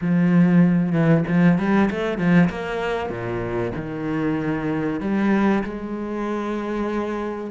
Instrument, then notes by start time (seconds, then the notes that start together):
cello
0.01 F3
0.92 E3
1.27 F3
1.58 G3
1.90 A3
2.18 F3
2.49 A#3
3.09 A#2
3.76 D#3
5.00 G3
5.63 G#3